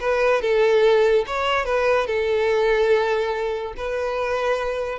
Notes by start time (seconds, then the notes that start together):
0.00 B4
0.41 A4
1.27 C#5
1.65 B4
2.07 A4
3.77 B4